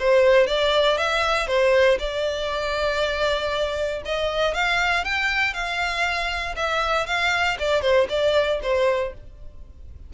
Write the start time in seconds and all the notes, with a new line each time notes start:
0.00 C5
0.47 D5
0.98 E5
1.48 C5
1.99 D5
4.06 D#5
4.55 F5
5.05 G5
5.54 F5
6.56 E5
7.07 F5
7.60 D5
7.82 C5
8.10 D5
8.63 C5